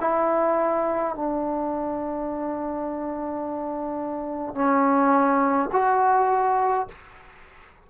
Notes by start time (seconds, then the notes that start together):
0.00 E4
1.15 D4
4.55 C#4
5.72 F#4